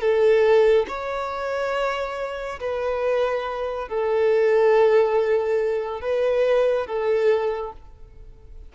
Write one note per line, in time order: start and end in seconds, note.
0.00 0.86 A4
0.88 2.59 C#5
2.60 3.88 B4
3.88 6.01 A4
6.01 6.86 B4
6.86 7.72 A4